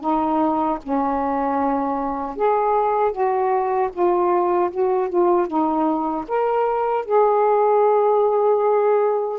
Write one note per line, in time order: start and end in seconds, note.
0.00 0.78 D#4
0.83 2.36 C#4
2.36 3.11 G#4
3.11 3.89 F#4
3.92 4.70 F4
4.71 5.09 F#4
5.09 5.47 F4
5.47 6.24 D#4
6.28 7.05 A#4
7.05 9.39 G#4